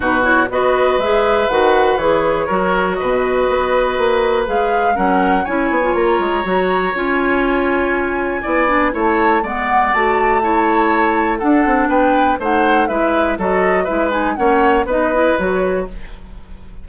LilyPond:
<<
  \new Staff \with { instrumentName = "flute" } { \time 4/4 \tempo 4 = 121 b'8 cis''8 dis''4 e''4 fis''4 | cis''2 dis''2~ | dis''4 f''4 fis''4 gis''4 | ais''2 gis''2~ |
gis''2 a''4 fis''4 | a''2. fis''4 | g''4 fis''4 e''4 dis''4 | e''8 gis''8 fis''4 dis''4 cis''4 | }
  \new Staff \with { instrumentName = "oboe" } { \time 4/4 fis'4 b'2.~ | b'4 ais'4 b'2~ | b'2 ais'4 cis''4~ | cis''1~ |
cis''4 d''4 cis''4 d''4~ | d''4 cis''2 a'4 | b'4 c''4 b'4 a'4 | b'4 cis''4 b'2 | }
  \new Staff \with { instrumentName = "clarinet" } { \time 4/4 dis'8 e'8 fis'4 gis'4 fis'4 | gis'4 fis'2.~ | fis'4 gis'4 cis'4 e'8. f'16~ | f'4 fis'4 f'2~ |
f'4 e'8 d'8 e'4 b4 | fis'4 e'2 d'4~ | d'4 dis'4 e'4 fis'4 | e'8 dis'8 cis'4 dis'8 e'8 fis'4 | }
  \new Staff \with { instrumentName = "bassoon" } { \time 4/4 b,4 b4 gis4 dis4 | e4 fis4 b,4 b4 | ais4 gis4 fis4 cis'8 b8 | ais8 gis8 fis4 cis'2~ |
cis'4 b4 a4 gis4 | a2. d'8 c'8 | b4 a4 gis4 fis4 | gis4 ais4 b4 fis4 | }
>>